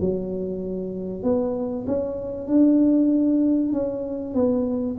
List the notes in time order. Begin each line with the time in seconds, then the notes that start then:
0.00 F#3
1.23 B3
1.87 C#4
2.47 D4
3.72 C#4
4.34 B3